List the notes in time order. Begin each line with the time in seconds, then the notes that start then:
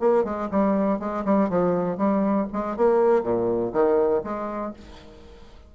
0.00 A#3
0.24 G#3
0.51 G3
1.00 G#3
1.25 G3
1.50 F3
1.98 G3
2.53 G#3
2.77 A#3
3.23 A#2
3.73 D#3
4.24 G#3